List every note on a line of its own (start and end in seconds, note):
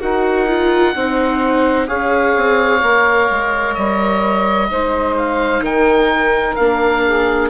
0.00 0.96 D#4
0.00 0.47 F#4
0.00 0.94 A#4
0.00 1.88 F#5
0.48 0.95 F4
0.96 1.89 C4
0.96 1.88 D#4
0.96 1.88 C5
1.88 2.37 C#4
1.88 2.81 G#4
1.88 4.69 C#5
1.88 3.75 F5
2.37 2.82 C4
2.82 3.29 A#3
2.82 4.69 A#4
3.30 3.77 G#3
3.75 4.71 G3
3.75 5.15 D#5
4.71 5.62 G#3
4.71 6.59 D#4
4.71 5.64 C5
5.18 5.64 F5
5.62 6.55 D#3
5.62 7.04 A#4
5.62 6.56 G5
6.56 7.50 A#3
6.56 7.50 D4
6.56 7.49 F5
7.05 7.50 G#4